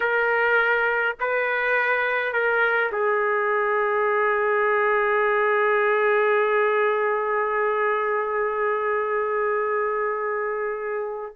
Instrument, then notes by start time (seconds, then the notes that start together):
trumpet
0.00 A#4
1.19 B4
2.32 A#4
2.92 G#4